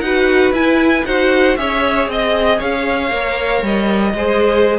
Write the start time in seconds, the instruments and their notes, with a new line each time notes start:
0.00 cello D#4, viola F#4, violin B4 F#5
0.51 cello E4, viola E4, violin G#5
1.05 cello D#4, viola F#4, violin C5 F#5
1.56 cello C#4, viola G#4, violin C#5 E5
2.08 cello C4, violin D#5
2.57 cello C#4, violin C#5 F5
3.09 cello A#3, viola A#4
3.62 cello G3, violin D#5
4.13 cello G#3, viola G#4, violin C5